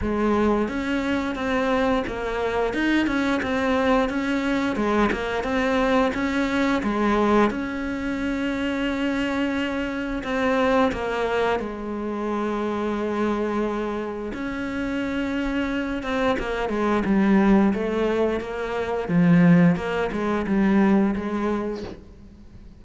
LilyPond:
\new Staff \with { instrumentName = "cello" } { \time 4/4 \tempo 4 = 88 gis4 cis'4 c'4 ais4 | dis'8 cis'8 c'4 cis'4 gis8 ais8 | c'4 cis'4 gis4 cis'4~ | cis'2. c'4 |
ais4 gis2.~ | gis4 cis'2~ cis'8 c'8 | ais8 gis8 g4 a4 ais4 | f4 ais8 gis8 g4 gis4 | }